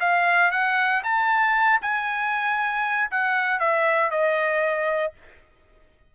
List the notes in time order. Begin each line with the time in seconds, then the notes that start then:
0.00 F5
0.52 F#5
1.04 A5
1.82 G#5
3.11 F#5
3.60 E5
4.11 D#5